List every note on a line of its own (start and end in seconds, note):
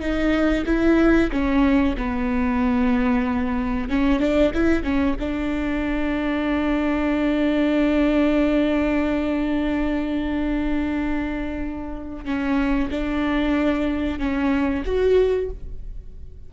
0.00 0.65 D#4
0.66 1.30 E4
1.31 1.96 C#4
1.97 3.89 B3
3.89 4.20 C#4
4.20 4.52 D4
4.54 4.83 E4
4.83 5.16 C#4
5.19 12.25 D4
12.25 12.89 C#4
12.91 14.19 D4
14.19 14.84 C#4
14.85 15.50 F#4